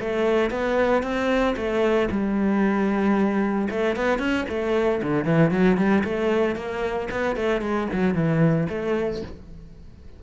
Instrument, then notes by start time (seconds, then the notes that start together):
cello
0.00 A3
0.50 B3
1.03 C4
1.56 A3
2.11 G3
3.70 A3
3.96 B3
4.19 C#4
4.49 A3
5.02 D3
5.25 E3
5.51 F#3
5.77 G3
6.04 A3
6.56 A#3
7.11 B3
7.36 A3
7.61 G#3
7.93 F#3
8.15 E3
8.69 A3